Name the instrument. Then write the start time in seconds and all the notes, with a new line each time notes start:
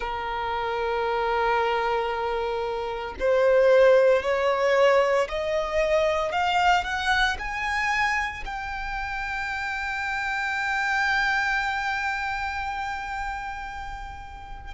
violin
0.00 A#4
3.19 C5
4.22 C#5
5.28 D#5
6.32 F5
6.84 F#5
7.38 G#5
8.45 G5